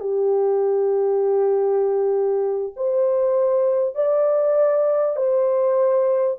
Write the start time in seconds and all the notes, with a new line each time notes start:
0.00 G4
2.76 C5
3.95 D5
5.16 C5